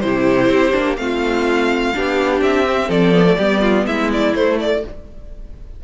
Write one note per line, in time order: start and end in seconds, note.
0.00 0.48 C3
0.00 0.72 E4
0.00 0.96 C5
0.06 1.01 G4
0.48 0.72 C4
0.72 0.97 A#3
0.72 0.96 D4
0.97 1.93 A3
0.97 1.93 C4
0.97 1.95 F4
0.97 2.41 F5
1.94 2.41 B3
1.94 2.66 D4
1.94 2.88 G4
2.41 2.89 C4
2.41 2.91 E5
2.66 3.14 C4
2.88 3.37 F3
2.88 3.36 A4
2.88 3.86 D5
3.14 3.24 B3
3.24 3.36 A3
3.38 3.86 G3
3.38 4.35 B3
3.38 3.61 G4
3.61 3.85 F4
3.86 4.34 G#3
3.86 4.83 E4
3.86 4.10 E5
4.12 4.35 D5
4.35 4.83 A3
4.35 4.59 C5
4.60 4.84 D5